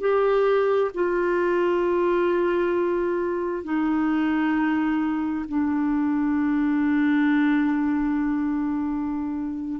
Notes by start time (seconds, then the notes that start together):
0.00 G4
0.94 F4
3.63 D#4
5.48 D4